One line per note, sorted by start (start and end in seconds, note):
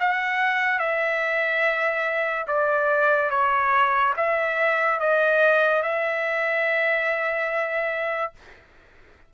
0.00 0.79 F#5
0.79 2.46 E5
2.48 3.30 D5
3.30 4.14 C#5
4.17 5.00 E5
5.00 5.83 D#5
5.83 8.33 E5